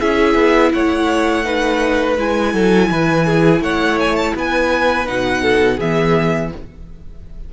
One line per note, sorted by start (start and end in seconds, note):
0.00 0.35 C#4
0.00 1.44 E4
0.00 0.73 G#4
0.00 0.72 E5
0.35 0.71 B3
0.72 2.18 A3
0.72 1.45 C#5
0.72 2.17 F#5
1.44 2.16 D#4
1.44 2.53 B4
2.18 2.54 G#3
2.18 5.06 E4
2.18 3.63 G#5
2.53 2.90 F#3
2.53 2.89 A4
2.91 3.61 E3
2.91 3.26 B4
3.26 3.62 G#4
3.61 4.33 A3
3.61 4.35 C#5
3.61 3.99 F#5
4.00 4.16 G#5
4.16 4.34 A5
4.35 5.08 B3
4.35 5.42 B4
4.35 5.07 G#5
5.06 5.80 B2
5.06 5.78 D#4
5.06 5.80 F#5
5.42 5.77 A4
5.77 6.52 E3
5.77 6.53 B3
5.77 6.50 G#4
5.77 6.53 E5